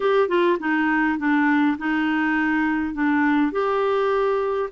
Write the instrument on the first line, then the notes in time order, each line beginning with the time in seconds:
clarinet
0.00 G4
0.28 F4
0.59 D#4
1.18 D4
1.78 D#4
2.94 D4
3.52 G4